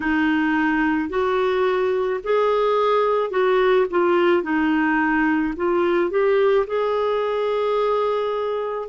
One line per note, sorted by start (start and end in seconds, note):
0.00 1.09 D#4
1.09 2.20 F#4
2.23 3.30 G#4
3.30 3.85 F#4
3.90 4.42 F4
4.42 5.54 D#4
5.56 6.10 F4
6.10 6.66 G4
6.67 8.88 G#4